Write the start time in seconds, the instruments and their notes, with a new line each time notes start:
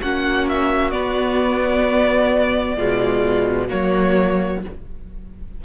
0.00 cello A#3, viola C#4, violin F#4 F#5
0.49 violin E5
0.91 viola B3, cello B3, violin D5
2.76 cello B2, viola G#3, violin F4
3.68 cello F#3, viola A#3, violin F#4 C#5